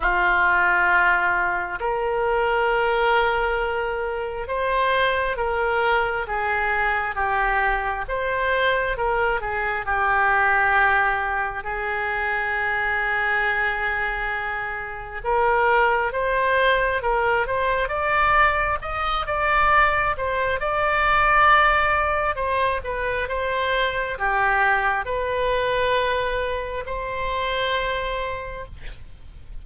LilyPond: \new Staff \with { instrumentName = "oboe" } { \time 4/4 \tempo 4 = 67 f'2 ais'2~ | ais'4 c''4 ais'4 gis'4 | g'4 c''4 ais'8 gis'8 g'4~ | g'4 gis'2.~ |
gis'4 ais'4 c''4 ais'8 c''8 | d''4 dis''8 d''4 c''8 d''4~ | d''4 c''8 b'8 c''4 g'4 | b'2 c''2 | }